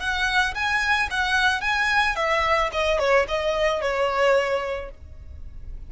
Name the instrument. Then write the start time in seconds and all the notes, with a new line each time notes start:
violin
0.00 F#5
0.55 G#5
1.11 F#5
1.61 G#5
2.16 E5
2.72 D#5
2.99 C#5
3.29 D#5
3.82 C#5